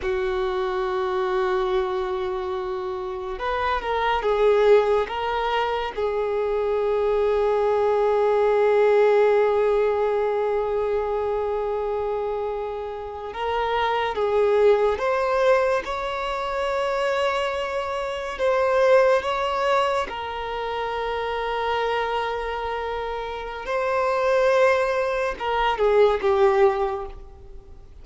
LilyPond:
\new Staff \with { instrumentName = "violin" } { \time 4/4 \tempo 4 = 71 fis'1 | b'8 ais'8 gis'4 ais'4 gis'4~ | gis'1~ | gis'2.~ gis'8. ais'16~ |
ais'8. gis'4 c''4 cis''4~ cis''16~ | cis''4.~ cis''16 c''4 cis''4 ais'16~ | ais'1 | c''2 ais'8 gis'8 g'4 | }